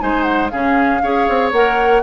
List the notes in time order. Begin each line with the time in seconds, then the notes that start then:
0.00 G#3 D#4 C5 G#5
0.23 F#5
0.50 C#3 C#4 G#4 F5
1.02 C#4 G#4 C#5
1.29 C4
1.53 A#3 A#4 F#5